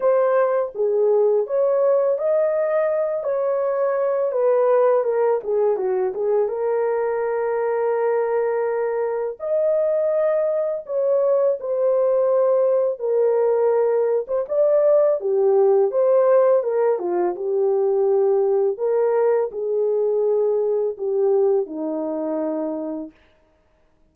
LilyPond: \new Staff \with { instrumentName = "horn" } { \time 4/4 \tempo 4 = 83 c''4 gis'4 cis''4 dis''4~ | dis''8 cis''4. b'4 ais'8 gis'8 | fis'8 gis'8 ais'2.~ | ais'4 dis''2 cis''4 |
c''2 ais'4.~ ais'16 c''16 | d''4 g'4 c''4 ais'8 f'8 | g'2 ais'4 gis'4~ | gis'4 g'4 dis'2 | }